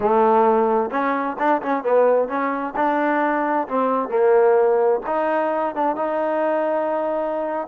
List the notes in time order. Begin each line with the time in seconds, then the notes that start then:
0.00 A3
0.90 C#4
1.38 D4
1.62 C#4
1.83 B3
2.28 C#4
2.76 D4
3.67 C4
4.08 A#3
5.06 D#4
5.75 D4
5.95 D#4